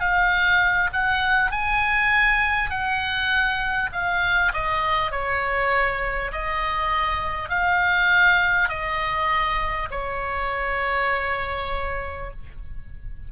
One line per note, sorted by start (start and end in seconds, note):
0.00 0.90 F5
0.92 1.51 F#5
1.51 2.70 G#5
2.70 3.90 F#5
3.92 4.52 F5
4.53 5.11 D#5
5.11 6.31 C#5
6.32 7.49 D#5
7.49 8.68 F5
8.68 9.88 D#5
9.90 12.30 C#5